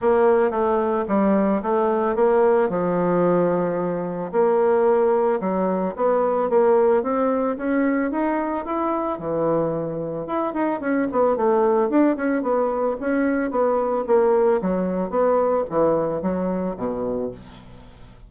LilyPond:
\new Staff \with { instrumentName = "bassoon" } { \time 4/4 \tempo 4 = 111 ais4 a4 g4 a4 | ais4 f2. | ais2 fis4 b4 | ais4 c'4 cis'4 dis'4 |
e'4 e2 e'8 dis'8 | cis'8 b8 a4 d'8 cis'8 b4 | cis'4 b4 ais4 fis4 | b4 e4 fis4 b,4 | }